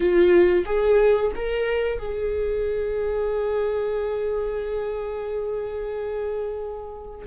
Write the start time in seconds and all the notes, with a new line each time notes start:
0.00 F4
0.65 G#4
1.35 A#4
1.98 G#4